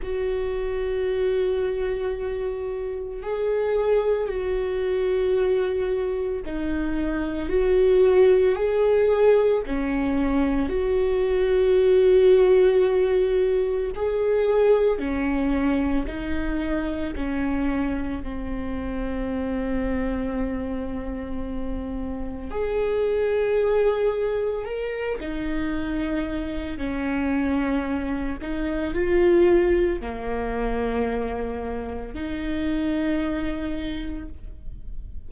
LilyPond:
\new Staff \with { instrumentName = "viola" } { \time 4/4 \tempo 4 = 56 fis'2. gis'4 | fis'2 dis'4 fis'4 | gis'4 cis'4 fis'2~ | fis'4 gis'4 cis'4 dis'4 |
cis'4 c'2.~ | c'4 gis'2 ais'8 dis'8~ | dis'4 cis'4. dis'8 f'4 | ais2 dis'2 | }